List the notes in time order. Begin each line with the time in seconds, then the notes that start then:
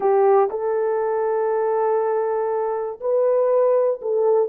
0.00 G4
0.50 A4
3.00 B4
4.01 A4